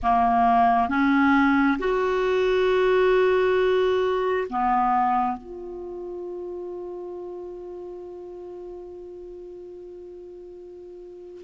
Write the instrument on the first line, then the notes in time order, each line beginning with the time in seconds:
clarinet
0.02 A#3
0.88 C#4
1.79 F#4
4.49 B3
5.37 F4